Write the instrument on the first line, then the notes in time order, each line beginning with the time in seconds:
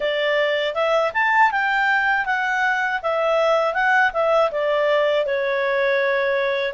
clarinet
0.00 D5
0.74 E5
1.13 A5
1.51 G5
2.25 F#5
3.02 E5
3.73 F#5
4.13 E5
4.51 D5
5.25 C#5